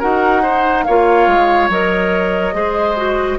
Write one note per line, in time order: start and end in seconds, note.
0.00 0.87 D#4
0.00 0.43 F#4
0.00 0.42 A#4
0.00 0.85 F#5
0.43 0.87 D#4
0.43 0.85 C5
0.85 1.28 A#3
0.85 1.71 F4
0.85 2.56 C#5
0.85 1.69 F5
1.28 1.70 G#3
1.70 2.54 F#3
1.70 2.54 A#4
1.70 3.39 D#5
2.54 3.39 G#3
2.54 2.96 G#4
2.54 3.39 C5
2.97 3.39 F#4